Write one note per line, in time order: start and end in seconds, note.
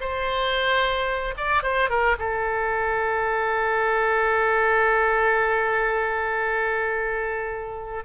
0.00 1.34 C5
1.37 1.62 D5
1.62 1.89 C5
1.89 2.16 A#4
2.18 8.04 A4